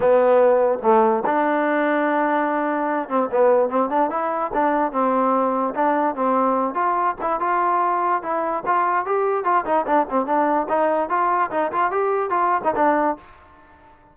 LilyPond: \new Staff \with { instrumentName = "trombone" } { \time 4/4 \tempo 4 = 146 b2 a4 d'4~ | d'2.~ d'8 c'8 | b4 c'8 d'8 e'4 d'4 | c'2 d'4 c'4~ |
c'8 f'4 e'8 f'2 | e'4 f'4 g'4 f'8 dis'8 | d'8 c'8 d'4 dis'4 f'4 | dis'8 f'8 g'4 f'8. dis'16 d'4 | }